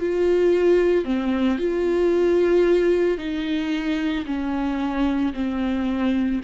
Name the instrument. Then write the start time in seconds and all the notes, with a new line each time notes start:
viola
0.00 F4
1.05 C4
1.58 F4
3.18 D#4
4.26 C#4
5.34 C4